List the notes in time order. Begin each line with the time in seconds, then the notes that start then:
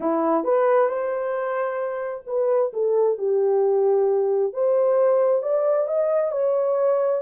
0.00 E4
0.43 B4
0.88 C5
2.27 B4
2.73 A4
3.18 G4
4.53 C5
5.42 D5
5.87 D#5
6.31 C#5